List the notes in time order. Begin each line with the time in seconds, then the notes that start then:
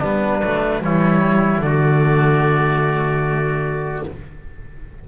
0.00 G3 B3 D4 B4
0.42 F#3 A3
0.82 E3 G3 E4 C#5
1.59 D3 A3 D5
1.66 F#4